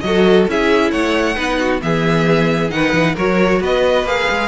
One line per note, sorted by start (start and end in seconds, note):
0.00 0.47 F#3
0.00 0.48 F#4
0.00 0.51 A4
0.00 0.45 D#5
0.47 0.91 C#4
0.47 1.35 E4
0.47 0.91 G#4
0.47 0.90 E5
0.90 1.36 A3
0.90 1.35 C#5
0.90 1.80 F#5
1.35 1.81 B3
1.35 1.80 D#4
1.35 1.57 B4
1.59 1.81 F#4
1.81 2.70 E3
1.81 2.69 B3
1.81 2.73 G#4
1.81 2.70 E5
2.69 2.93 D#3
2.69 3.14 D#4
2.69 3.15 B4
2.69 3.15 F#5
2.93 3.16 E3
3.15 3.60 F#3
3.15 4.06 F#4
3.15 3.59 A#4
3.15 3.62 C#5
3.60 4.03 B3
3.60 4.48 B4
3.60 4.07 D#5
4.03 4.25 A#3
4.03 4.48 G#4
4.03 4.48 F5
4.30 4.48 G#3